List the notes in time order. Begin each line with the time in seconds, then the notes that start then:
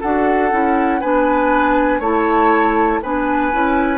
0.00 D4 F#4 A4 F#5
0.50 C#4 E4
1.00 B3 D4 B4 G#5
1.99 A3 E4 C#5 A5
3.02 B3 D4 B4 G#5
3.52 C#4 E4